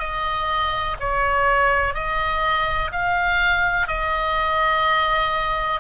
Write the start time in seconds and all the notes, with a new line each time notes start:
0.00 D#5
1.00 C#5
1.95 D#5
2.92 F5
3.88 D#5